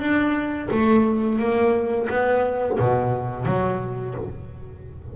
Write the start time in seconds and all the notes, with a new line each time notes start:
0.00 D4
0.71 A3
1.39 A#3
2.10 B3
2.80 B2
3.46 F#3